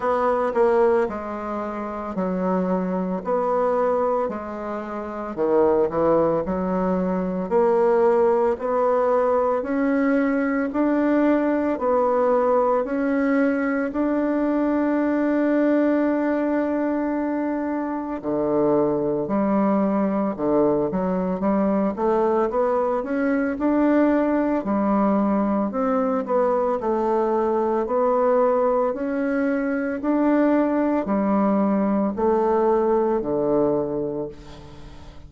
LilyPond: \new Staff \with { instrumentName = "bassoon" } { \time 4/4 \tempo 4 = 56 b8 ais8 gis4 fis4 b4 | gis4 dis8 e8 fis4 ais4 | b4 cis'4 d'4 b4 | cis'4 d'2.~ |
d'4 d4 g4 d8 fis8 | g8 a8 b8 cis'8 d'4 g4 | c'8 b8 a4 b4 cis'4 | d'4 g4 a4 d4 | }